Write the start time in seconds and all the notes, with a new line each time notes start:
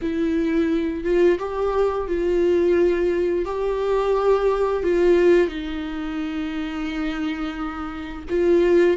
0.01 E4
1.03 F4
1.38 G4
2.07 F4
3.45 G4
4.83 F4
5.48 D#4
8.29 F4